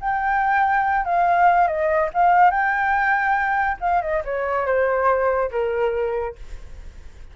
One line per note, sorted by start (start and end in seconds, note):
0.00 1.05 G5
1.05 1.67 F5
1.67 2.09 D#5
2.14 2.50 F5
2.50 3.77 G5
3.80 4.01 F5
4.02 4.23 D#5
4.24 4.66 C#5
4.66 5.50 C5
5.51 6.35 A#4